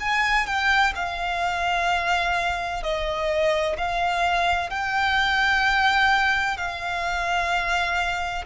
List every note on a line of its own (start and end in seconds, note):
0.00 0.46 G#5
0.46 0.93 G5
0.95 2.83 F5
2.83 3.76 D#5
3.78 4.70 F5
4.70 6.57 G5
6.57 8.45 F5